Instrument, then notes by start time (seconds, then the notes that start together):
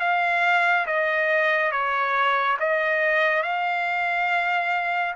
trumpet
0.00 F5
0.86 D#5
1.71 C#5
2.59 D#5
3.42 F5